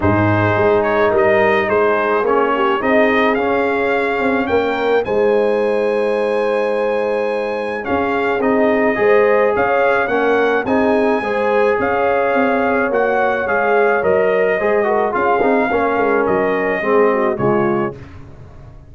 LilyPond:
<<
  \new Staff \with { instrumentName = "trumpet" } { \time 4/4 \tempo 4 = 107 c''4. cis''8 dis''4 c''4 | cis''4 dis''4 f''2 | g''4 gis''2.~ | gis''2 f''4 dis''4~ |
dis''4 f''4 fis''4 gis''4~ | gis''4 f''2 fis''4 | f''4 dis''2 f''4~ | f''4 dis''2 cis''4 | }
  \new Staff \with { instrumentName = "horn" } { \time 4/4 gis'2 ais'4 gis'4~ | gis'8 g'8 gis'2. | ais'4 c''2.~ | c''2 gis'2 |
c''4 cis''4 ais'4 gis'4 | c''4 cis''2.~ | cis''2 c''8 ais'8 gis'4 | ais'2 gis'8 fis'8 f'4 | }
  \new Staff \with { instrumentName = "trombone" } { \time 4/4 dis'1 | cis'4 dis'4 cis'2~ | cis'4 dis'2.~ | dis'2 cis'4 dis'4 |
gis'2 cis'4 dis'4 | gis'2. fis'4 | gis'4 ais'4 gis'8 fis'8 f'8 dis'8 | cis'2 c'4 gis4 | }
  \new Staff \with { instrumentName = "tuba" } { \time 4/4 gis,4 gis4 g4 gis4 | ais4 c'4 cis'4. c'8 | ais4 gis2.~ | gis2 cis'4 c'4 |
gis4 cis'4 ais4 c'4 | gis4 cis'4 c'4 ais4 | gis4 fis4 gis4 cis'8 c'8 | ais8 gis8 fis4 gis4 cis4 | }
>>